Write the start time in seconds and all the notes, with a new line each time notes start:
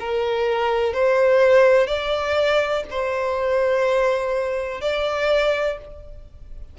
0.00 A#4
0.94 C5
1.87 D5
2.91 C5
4.81 D5